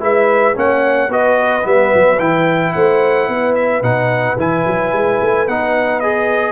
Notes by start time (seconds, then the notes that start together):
0.00 G#3 E4 B4 E5
0.54 A#3 C#4 C#5 F#5
1.08 B3 F#4 B4 D#5
1.61 G3 B3 E5
1.94 F#3
2.19 E3 E4 G5
2.73 A3 C5 F#5
3.28 B3 B4
3.55 E5
3.82 B2 D#4 F#5
4.37 E3 E4 G#5
4.66 F#3
4.92 G#3
5.21 A3
5.47 B3 D#4 F#5
5.99 G#4 D#5